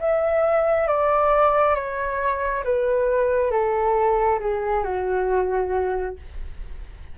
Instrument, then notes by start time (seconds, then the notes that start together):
flute
0.00 E5
0.88 D5
1.75 C#5
2.64 B4
3.51 A4
4.40 G#4
4.84 F#4